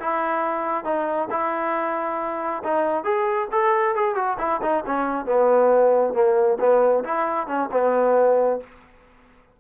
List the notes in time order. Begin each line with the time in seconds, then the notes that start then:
0.00 E4
0.84 D#4
1.30 E4
2.64 D#4
3.04 G#4
3.52 A4
3.95 G#4
4.15 F#4
4.39 E4
4.62 D#4
4.86 C#4
5.26 B3
6.14 A#3
6.60 B3
7.04 E4
7.47 C#4
7.72 B3